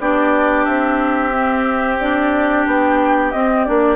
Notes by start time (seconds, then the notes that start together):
0.00 B3 D4 G4 D5
0.65 C4 E5
1.32 C4
1.99 D4 D5
2.67 B3 G5
3.32 C4 D#5
3.64 A#3 D4 D5